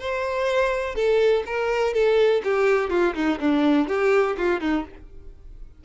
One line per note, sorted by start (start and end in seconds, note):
0.00 0.96 C5
0.96 1.44 A4
1.46 1.94 A#4
1.94 2.42 A4
2.44 2.90 G4
2.90 3.15 F4
3.15 3.39 D#4
3.40 3.88 D4
3.88 4.37 G4
4.37 4.61 F4
4.61 4.85 D#4